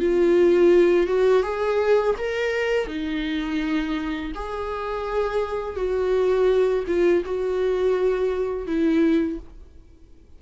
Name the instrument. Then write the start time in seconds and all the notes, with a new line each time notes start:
viola
0.00 F4
1.07 F#4
1.43 G#4
2.18 A#4
2.87 D#4
4.35 G#4
5.76 F#4
6.87 F4
7.26 F#4
8.67 E4